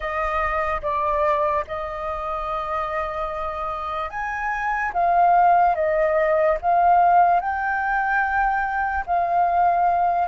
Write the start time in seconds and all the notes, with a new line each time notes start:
0.00 D#5
0.82 D5
1.67 D#5
4.09 G#5
4.93 F5
5.75 D#5
6.61 F5
7.40 G5
9.06 F5